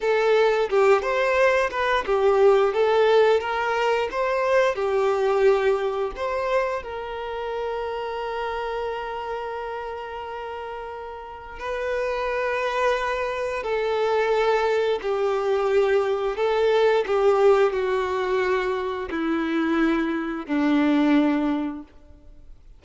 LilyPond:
\new Staff \with { instrumentName = "violin" } { \time 4/4 \tempo 4 = 88 a'4 g'8 c''4 b'8 g'4 | a'4 ais'4 c''4 g'4~ | g'4 c''4 ais'2~ | ais'1~ |
ais'4 b'2. | a'2 g'2 | a'4 g'4 fis'2 | e'2 d'2 | }